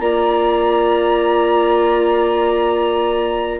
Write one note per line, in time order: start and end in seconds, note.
0.00 3.60 A#3
0.00 3.60 F4
0.00 3.60 D5
0.00 3.60 A#5